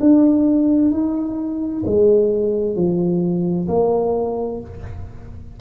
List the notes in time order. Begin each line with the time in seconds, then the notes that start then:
0.00 D4
0.91 D#4
1.86 G#3
2.76 F3
3.68 A#3